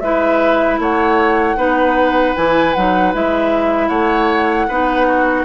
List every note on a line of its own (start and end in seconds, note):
0.00 0.79 G#3
0.00 1.57 E4
0.00 0.80 B4
0.00 0.78 E5
0.79 1.56 A3
0.79 1.57 C#5
0.79 2.36 F#5
1.56 2.34 B3
1.56 2.35 D#4
1.56 3.88 B4
2.36 2.76 E3
2.36 2.75 E4
2.36 2.73 G#5
2.73 3.14 F#3
2.73 3.13 D#4
2.73 3.12 F#5
3.13 3.89 G#3
3.13 4.69 E4
3.13 3.88 E5
3.88 4.67 A3
3.88 4.66 C#5
3.88 5.44 F#5
4.68 5.45 B3
4.68 5.45 D#4
4.68 5.07 B4
5.07 5.45 F#4